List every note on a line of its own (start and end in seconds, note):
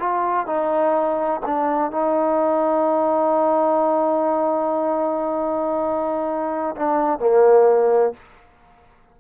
0.00 0.46 F4
0.46 1.41 D#4
1.46 1.92 D4
1.92 6.76 D#4
6.76 7.20 D4
7.20 8.14 A#3